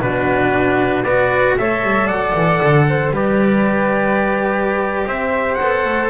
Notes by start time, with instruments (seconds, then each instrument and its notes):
0.00 double bass B2, cello D4, flute F#4, trumpet B4
1.03 double bass B3, cello F#4, flute B4, trumpet D5
1.58 double bass A3, cello A4, flute C#5, trumpet E5
1.82 double bass G3
2.06 double bass F#3, flute D5, trumpet F#5
2.34 double bass E3
2.63 double bass D3
2.89 flute C5
3.10 double bass G3, cello G4, flute B4, trumpet D5
5.07 double bass C4, flute C5, trumpet E5
5.55 double bass B3, cello A4, trumpet F#5
5.85 double bass A3